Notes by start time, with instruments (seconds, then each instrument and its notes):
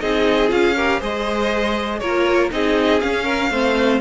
0.00 cello C4, viola D#4, violin G#4 D#5
0.48 cello C#4, viola F4, violin F5
0.76 viola G4, violin A#4
0.99 cello G#3, viola G#4, violin C5 D#5
1.99 cello A#3, viola F4, violin A#4 C#5
2.50 cello C4, viola D#4, violin G#4 D#5
3.00 viola C#4, cello C#4, violin F5
3.24 violin A#4
3.50 cello A3, viola C4, violin C5